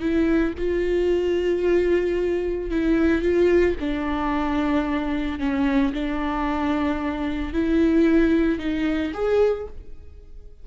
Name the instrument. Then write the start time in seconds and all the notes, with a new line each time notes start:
viola
0.00 E4
0.58 F4
2.70 E4
3.22 F4
3.80 D4
5.39 C#4
5.93 D4
7.53 E4
8.59 D#4
9.13 G#4